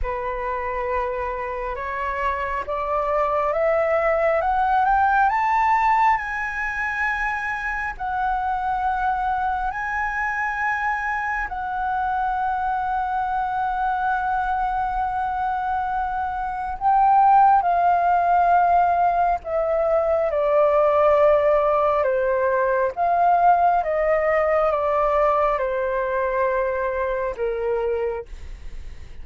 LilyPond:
\new Staff \with { instrumentName = "flute" } { \time 4/4 \tempo 4 = 68 b'2 cis''4 d''4 | e''4 fis''8 g''8 a''4 gis''4~ | gis''4 fis''2 gis''4~ | gis''4 fis''2.~ |
fis''2. g''4 | f''2 e''4 d''4~ | d''4 c''4 f''4 dis''4 | d''4 c''2 ais'4 | }